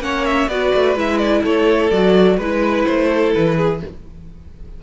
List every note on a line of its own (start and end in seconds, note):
0.00 0.47 A#3
0.00 0.48 C#4
0.00 0.51 C#5
0.00 0.25 F#5
0.25 0.48 E5
0.48 0.72 B3
0.48 0.96 F#4
0.48 1.42 B4
0.48 0.95 D5
0.74 0.96 A3
0.96 1.43 G#3
0.96 1.91 E4
0.96 1.18 E5
1.18 1.41 D5
1.42 1.91 A3
1.42 2.36 A4
1.42 1.90 C#5
1.90 2.38 F#3
1.90 2.40 F#4
1.90 2.37 D5
2.36 2.85 G#3
2.36 3.83 E4
2.36 3.07 B4
2.36 2.85 B4
2.85 3.35 A3
2.85 3.32 C5
3.09 3.56 A4
3.34 3.83 E3
3.34 3.81 B4
3.56 3.80 G#4